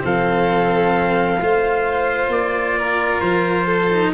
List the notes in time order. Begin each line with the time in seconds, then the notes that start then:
0.00 F3 C4 A4 F5
1.41 A3 F4 C5
2.29 A#3 D5
2.79 A#4
3.21 F3 C5
3.67 A4
3.93 D#4